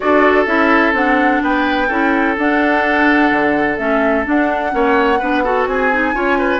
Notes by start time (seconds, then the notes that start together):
0.00 D4 F#4 A4 D5
0.46 C#4 E4 E5
0.92 C4 D4 F#5
1.42 B3 B4 G5
1.87 C#4 E4 A4
2.37 D4 F#5
3.31 D3
3.77 A3 C#4 E5
4.24 D4 F#5
4.70 A#3 C#4 C#5
5.19 B3 D4 B4
5.44 F#4 A4
5.66 C4 G#4 G#5
5.91 D#4
6.13 C#4 F4 C#5
6.38 B4